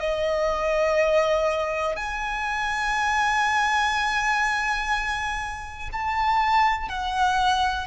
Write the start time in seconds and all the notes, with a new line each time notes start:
0.00 D#5
1.96 G#5
5.92 A5
6.89 F#5